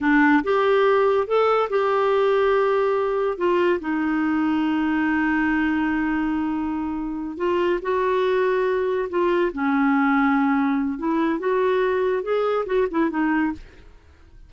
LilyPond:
\new Staff \with { instrumentName = "clarinet" } { \time 4/4 \tempo 4 = 142 d'4 g'2 a'4 | g'1 | f'4 dis'2.~ | dis'1~ |
dis'4. f'4 fis'4.~ | fis'4. f'4 cis'4.~ | cis'2 e'4 fis'4~ | fis'4 gis'4 fis'8 e'8 dis'4 | }